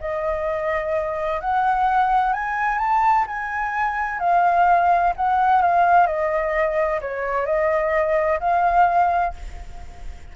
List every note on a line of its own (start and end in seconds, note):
0.00 1.40 D#5
1.40 2.33 F#5
2.33 2.78 G#5
2.78 3.25 A5
3.27 4.20 G#5
4.20 5.13 F5
5.16 5.62 F#5
5.62 6.06 F5
6.06 7.00 D#5
7.01 7.46 C#5
7.46 8.39 D#5
8.40 9.34 F5